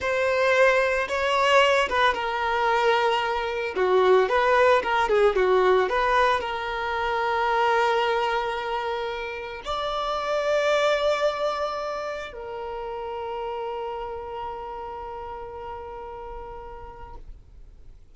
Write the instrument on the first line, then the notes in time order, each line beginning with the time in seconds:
violin
0.00 C5
1.08 C#5
1.89 B4
2.14 A#4
3.75 F#4
4.29 B4
4.82 A#4
5.08 G#4
5.35 F#4
5.89 B4
6.40 A#4
9.65 D5
12.32 A#4